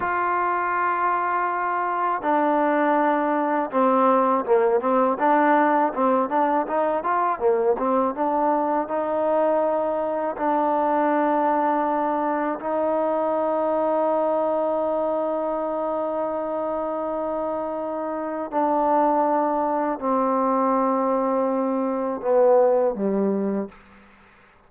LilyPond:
\new Staff \with { instrumentName = "trombone" } { \time 4/4 \tempo 4 = 81 f'2. d'4~ | d'4 c'4 ais8 c'8 d'4 | c'8 d'8 dis'8 f'8 ais8 c'8 d'4 | dis'2 d'2~ |
d'4 dis'2.~ | dis'1~ | dis'4 d'2 c'4~ | c'2 b4 g4 | }